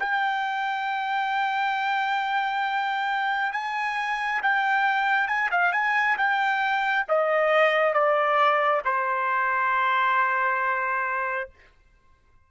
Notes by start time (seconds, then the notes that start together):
0.00 G5
3.53 G#5
4.43 G5
5.28 G#5
5.51 F5
5.73 G#5
6.18 G5
7.09 D#5
7.94 D5
8.85 C5